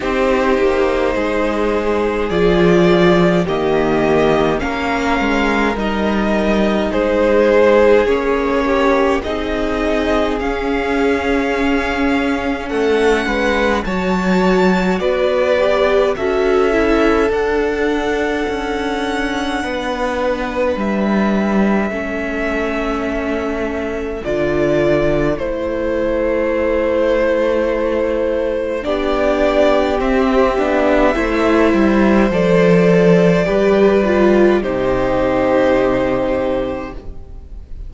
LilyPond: <<
  \new Staff \with { instrumentName = "violin" } { \time 4/4 \tempo 4 = 52 c''2 d''4 dis''4 | f''4 dis''4 c''4 cis''4 | dis''4 f''2 fis''4 | a''4 d''4 e''4 fis''4~ |
fis''2 e''2~ | e''4 d''4 c''2~ | c''4 d''4 e''2 | d''2 c''2 | }
  \new Staff \with { instrumentName = "violin" } { \time 4/4 g'4 gis'2 g'4 | ais'2 gis'4. g'8 | gis'2. a'8 b'8 | cis''4 b'4 a'2~ |
a'4 b'2 a'4~ | a'1~ | a'4 g'2 c''4~ | c''4 b'4 g'2 | }
  \new Staff \with { instrumentName = "viola" } { \time 4/4 dis'2 f'4 ais4 | cis'4 dis'2 cis'4 | dis'4 cis'2. | fis'4. g'8 fis'8 e'8 d'4~ |
d'2. cis'4~ | cis'4 f'4 e'2~ | e'4 d'4 c'8 d'8 e'4 | a'4 g'8 f'8 dis'2 | }
  \new Staff \with { instrumentName = "cello" } { \time 4/4 c'8 ais8 gis4 f4 dis4 | ais8 gis8 g4 gis4 ais4 | c'4 cis'2 a8 gis8 | fis4 b4 cis'4 d'4 |
cis'4 b4 g4 a4~ | a4 d4 a2~ | a4 b4 c'8 b8 a8 g8 | f4 g4 c2 | }
>>